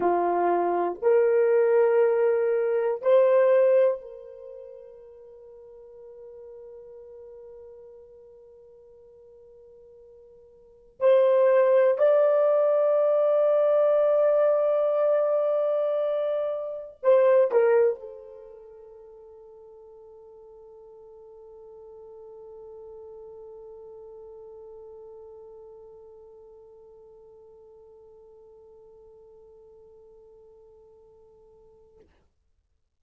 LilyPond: \new Staff \with { instrumentName = "horn" } { \time 4/4 \tempo 4 = 60 f'4 ais'2 c''4 | ais'1~ | ais'2. c''4 | d''1~ |
d''4 c''8 ais'8 a'2~ | a'1~ | a'1~ | a'1 | }